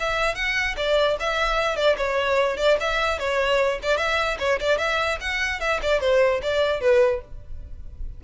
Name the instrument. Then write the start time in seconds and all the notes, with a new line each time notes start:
violin
0.00 E5
0.36 F#5
0.77 D5
1.20 E5
1.76 D5
1.98 C#5
2.57 D5
2.80 E5
3.19 C#5
3.83 D5
3.98 E5
4.39 C#5
4.61 D5
4.79 E5
5.21 F#5
5.60 E5
5.83 D5
6.01 C5
6.42 D5
6.81 B4